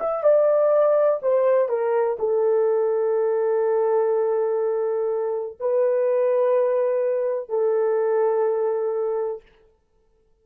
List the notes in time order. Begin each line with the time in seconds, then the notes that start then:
0.00 E5
0.23 D5
1.22 C5
1.68 A#4
2.19 A4
5.60 B4
7.49 A4